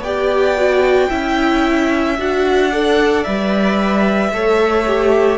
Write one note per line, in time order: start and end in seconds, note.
0.00 1.07 B3
0.00 0.57 G4
0.00 1.10 D5
0.00 2.17 G5
0.57 1.10 F#4
1.10 2.19 C#4
1.10 2.17 E4
1.10 2.71 E5
2.19 3.26 D4
2.19 2.72 F#4
2.19 3.24 F#5
2.71 3.25 A4
2.71 4.32 D5
3.24 4.33 G3
3.24 4.32 B4
3.24 5.39 E5
4.33 5.39 A3
4.33 4.86 A4
4.33 5.39 C#5
4.87 5.39 G4